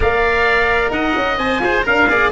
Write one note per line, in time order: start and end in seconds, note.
0.00 0.89 A#3
0.00 1.38 A#4
0.00 0.92 D5
0.00 0.91 F5
0.89 1.12 D#4
0.89 1.61 D#5
0.89 1.37 F#5
1.15 1.37 C#4
1.37 1.59 C4
1.37 1.62 C5
1.37 1.84 G#5
1.59 1.82 F4
1.59 1.82 G#4
1.59 1.85 C5
1.82 2.09 D4
1.82 2.05 A#4
1.82 2.08 A#4
1.82 2.32 F5
2.09 2.32 A#3
2.09 2.32 G#4
2.09 2.32 D5